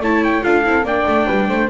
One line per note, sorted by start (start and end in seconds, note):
0.00 0.42 A3
0.00 0.43 E4
0.00 0.45 C#5
0.00 0.25 A5
0.25 0.44 G5
0.43 0.66 D4
0.43 0.64 F4
0.43 0.85 A4
0.43 0.86 F5
0.65 0.84 C4
0.65 0.85 E4
0.84 1.05 A#3
0.84 1.70 D4
0.84 1.27 D5
0.84 1.70 G5
1.07 1.28 A3
1.27 1.49 G3
1.27 1.48 B4
1.49 1.70 A3
1.49 1.70 C5